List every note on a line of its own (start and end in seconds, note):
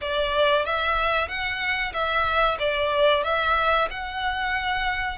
0.01 0.65 D5
0.65 1.28 E5
1.28 1.92 F#5
1.93 2.57 E5
2.59 3.23 D5
3.23 3.88 E5
3.90 5.18 F#5